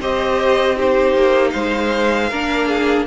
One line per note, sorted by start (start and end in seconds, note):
0.00 1.15 C4
0.00 0.76 G4
0.00 0.76 C5
0.00 0.79 D#5
0.76 2.30 D#4
0.76 1.52 G4
0.76 1.50 C5
1.15 1.53 A#3
1.50 2.31 G#3
1.50 2.29 C5
1.50 3.04 F5
2.29 3.07 A#3
2.29 3.07 D4
2.29 2.68 A#4
2.68 3.06 G#4